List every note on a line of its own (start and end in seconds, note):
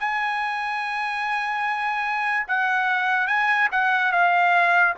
0.00 2.47 G#5
2.48 3.28 F#5
3.28 3.69 G#5
3.72 4.12 F#5
4.12 4.95 F5